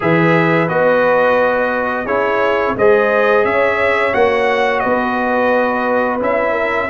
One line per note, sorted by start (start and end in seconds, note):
0.00 0.69 E3
0.00 0.67 G#4
0.00 2.05 B4
0.00 0.68 E5
0.68 2.05 B3
0.68 2.06 F#4
0.68 2.06 D#5
2.05 2.74 C#4
2.05 2.76 E4
2.05 2.74 G#4
2.05 2.75 C#5
2.75 3.44 G#3
2.75 4.12 G#4
2.75 3.46 C5
2.75 3.45 D#5
3.44 4.13 C#4
3.44 4.83 C#5
3.44 4.14 E5
4.12 4.83 A#3
4.12 6.19 F#4
4.12 4.79 F#5
4.79 6.21 B3
4.79 6.51 B4
4.79 6.17 D#5
6.20 6.90 C#4
6.20 6.89 E4
6.20 6.90 E5
6.51 6.86 A#4